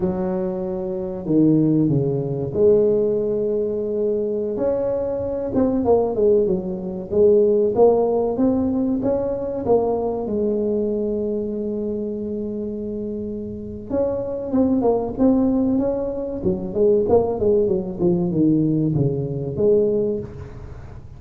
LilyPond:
\new Staff \with { instrumentName = "tuba" } { \time 4/4 \tempo 4 = 95 fis2 dis4 cis4 | gis2.~ gis16 cis'8.~ | cis'8. c'8 ais8 gis8 fis4 gis8.~ | gis16 ais4 c'4 cis'4 ais8.~ |
ais16 gis2.~ gis8.~ | gis2 cis'4 c'8 ais8 | c'4 cis'4 fis8 gis8 ais8 gis8 | fis8 f8 dis4 cis4 gis4 | }